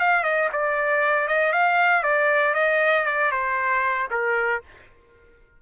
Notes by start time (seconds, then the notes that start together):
0.00 F5
0.24 D#5
0.53 D5
1.28 D#5
1.53 F5
2.03 D5
2.55 D#5
3.06 D5
3.32 C5
4.11 A#4